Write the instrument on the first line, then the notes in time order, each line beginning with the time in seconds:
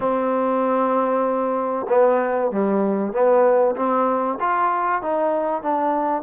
trombone
0.00 C4
1.88 B3
2.51 G3
3.12 B3
3.76 C4
4.40 F4
5.02 D#4
5.62 D4